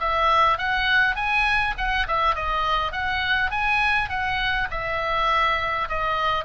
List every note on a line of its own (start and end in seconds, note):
0.00 0.58 E5
0.58 1.16 F#5
1.16 1.74 G#5
1.78 2.07 F#5
2.07 2.35 E5
2.35 2.92 D#5
2.92 3.51 F#5
3.51 4.09 G#5
4.09 4.68 F#5
4.71 5.89 E5
5.89 6.45 D#5